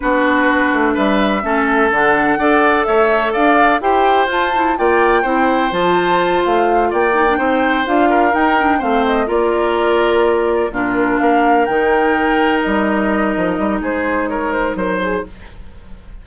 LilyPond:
<<
  \new Staff \with { instrumentName = "flute" } { \time 4/4 \tempo 4 = 126 b'2 e''2 | fis''2 e''4 f''4 | g''4 a''4 g''2 | a''4. f''4 g''4.~ |
g''8 f''4 g''4 f''8 dis''8 d''8~ | d''2~ d''8 ais'4 f''8~ | f''8 g''2 dis''4.~ | dis''4 c''4 cis''8 c''8 ais'8 gis'8 | }
  \new Staff \with { instrumentName = "oboe" } { \time 4/4 fis'2 b'4 a'4~ | a'4 d''4 cis''4 d''4 | c''2 d''4 c''4~ | c''2~ c''8 d''4 c''8~ |
c''4 ais'4. c''4 ais'8~ | ais'2~ ais'8 f'4 ais'8~ | ais'1~ | ais'4 gis'4 ais'4 c''4 | }
  \new Staff \with { instrumentName = "clarinet" } { \time 4/4 d'2. cis'4 | d'4 a'2. | g'4 f'8 e'8 f'4 e'4 | f'2. dis'16 d'16 dis'8~ |
dis'8 f'4 dis'8 d'8 c'4 f'8~ | f'2~ f'8 d'4.~ | d'8 dis'2.~ dis'8~ | dis'1 | }
  \new Staff \with { instrumentName = "bassoon" } { \time 4/4 b4. a8 g4 a4 | d4 d'4 a4 d'4 | e'4 f'4 ais4 c'4 | f4. a4 ais4 c'8~ |
c'8 d'4 dis'4 a4 ais8~ | ais2~ ais8 ais,4 ais8~ | ais8 dis2 g4. | f8 g8 gis2 fis4 | }
>>